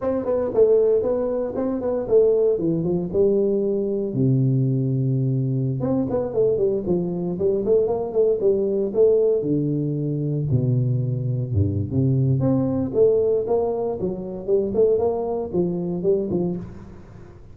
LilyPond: \new Staff \with { instrumentName = "tuba" } { \time 4/4 \tempo 4 = 116 c'8 b8 a4 b4 c'8 b8 | a4 e8 f8 g2 | c2.~ c16 c'8 b16~ | b16 a8 g8 f4 g8 a8 ais8 a16~ |
a16 g4 a4 d4.~ d16~ | d16 b,2 g,8. c4 | c'4 a4 ais4 fis4 | g8 a8 ais4 f4 g8 f8 | }